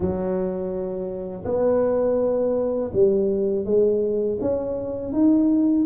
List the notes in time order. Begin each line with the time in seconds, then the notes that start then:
0.00 F#3
1.44 B3
2.93 G3
3.65 G#3
4.40 C#4
5.12 D#4